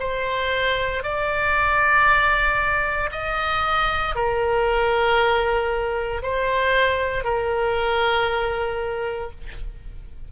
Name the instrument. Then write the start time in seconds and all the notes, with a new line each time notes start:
oboe
0.00 C5
1.03 D5
3.12 D#5
4.15 A#4
6.23 C5
7.24 A#4